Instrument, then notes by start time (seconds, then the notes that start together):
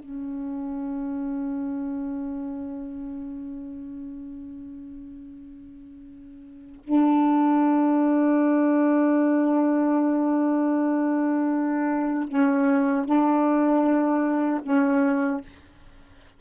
saxophone
0.00 C#4
6.84 D4
12.29 C#4
13.06 D4
14.64 C#4